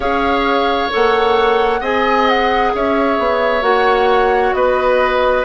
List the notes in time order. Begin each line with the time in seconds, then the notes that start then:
0.00 C#4 G#4 C#5 F5
0.90 A#3 A4 F#5
1.80 C4 G#4 D#5 G#5
2.28 F#5
2.74 C#4 C#5 E5
3.18 B3
3.61 A#3 F#4 F#5
4.53 B3 B4 D#5